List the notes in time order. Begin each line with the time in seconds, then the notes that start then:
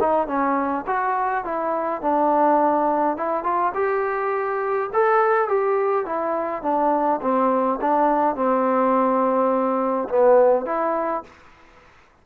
0.00 D#4
0.27 C#4
0.87 F#4
1.44 E4
2.01 D4
3.17 E4
3.44 F4
3.74 G4
4.93 A4
5.49 G4
6.06 E4
6.62 D4
7.21 C4
7.81 D4
8.35 C4
10.09 B3
10.65 E4